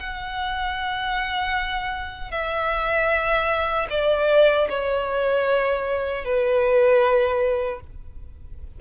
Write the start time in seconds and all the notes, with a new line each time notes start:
0.00 F#5
2.32 E5
3.91 D5
4.70 C#5
6.25 B4